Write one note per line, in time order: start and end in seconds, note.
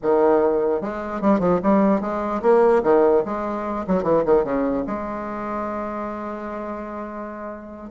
0.02 0.81 D#3
0.81 1.21 G#3
1.21 1.39 G3
1.39 1.59 F3
1.63 2.01 G3
2.01 2.41 G#3
2.42 2.82 A#3
2.83 3.23 D#3
3.25 3.86 G#3
3.87 4.03 F#3
4.03 4.23 E3
4.25 4.44 D#3
4.44 4.84 C#3
4.86 7.90 G#3